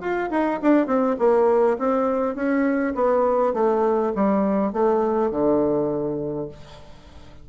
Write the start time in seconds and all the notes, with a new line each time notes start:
0.00 F4
0.30 D#4
0.62 D4
0.87 C4
1.19 A#3
1.78 C4
2.35 C#4
2.95 B3
3.54 A3
4.15 G3
4.73 A3
5.30 D3